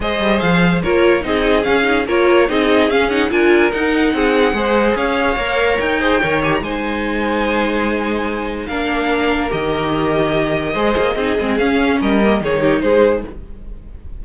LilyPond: <<
  \new Staff \with { instrumentName = "violin" } { \time 4/4 \tempo 4 = 145 dis''4 f''4 cis''4 dis''4 | f''4 cis''4 dis''4 f''8 fis''8 | gis''4 fis''2. | f''2 g''4. gis''16 ais''16 |
gis''1~ | gis''4 f''2 dis''4~ | dis''1 | f''4 dis''4 cis''4 c''4 | }
  \new Staff \with { instrumentName = "violin" } { \time 4/4 c''2 ais'4 gis'4~ | gis'4 ais'4 gis'2 | ais'2 gis'4 c''4 | cis''2~ cis''8 c''8 cis''4 |
c''1~ | c''4 ais'2.~ | ais'2 c''4 gis'4~ | gis'4 ais'4 gis'8 g'8 gis'4 | }
  \new Staff \with { instrumentName = "viola" } { \time 4/4 gis'2 f'4 dis'4 | cis'8 dis'8 f'4 dis'4 cis'8 dis'8 | f'4 dis'2 gis'4~ | gis'4 ais'4. gis'8 ais'8 g'8 |
dis'1~ | dis'4 d'2 g'4~ | g'2 gis'4 dis'8 c'8 | cis'4. ais8 dis'2 | }
  \new Staff \with { instrumentName = "cello" } { \time 4/4 gis8 g8 f4 ais4 c'4 | cis'4 ais4 c'4 cis'4 | d'4 dis'4 c'4 gis4 | cis'4 ais4 dis'4 dis4 |
gis1~ | gis4 ais2 dis4~ | dis2 gis8 ais8 c'8 gis8 | cis'4 g4 dis4 gis4 | }
>>